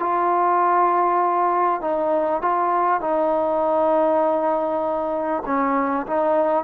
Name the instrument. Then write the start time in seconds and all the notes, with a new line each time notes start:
trombone
0.00 F4
1.82 D#4
2.42 F4
3.01 D#4
5.46 C#4
6.07 D#4